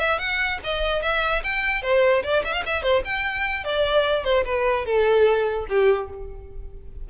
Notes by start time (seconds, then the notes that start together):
0.00 E5
0.19 F#5
0.64 D#5
1.02 E5
1.44 G5
1.83 C5
2.24 D5
2.45 E5
2.53 F5
2.66 E5
2.83 C5
3.05 G5
3.65 D5
4.25 C5
4.46 B4
4.86 A4
5.69 G4